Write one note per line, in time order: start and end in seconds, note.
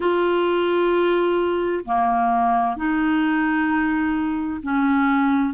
0.00 1.84 F4
1.85 2.76 A#3
2.76 4.61 D#4
4.62 5.54 C#4